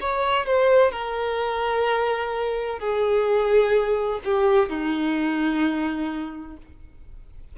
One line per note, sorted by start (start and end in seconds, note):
0.00 0.46 C#5
0.46 0.91 C5
0.91 2.79 A#4
2.79 4.20 G#4
4.24 4.69 G4
4.69 6.57 D#4